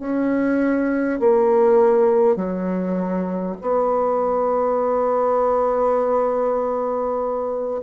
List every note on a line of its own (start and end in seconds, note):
0.00 1.20 C#4
1.20 2.36 A#3
2.36 3.56 F#3
3.61 7.81 B3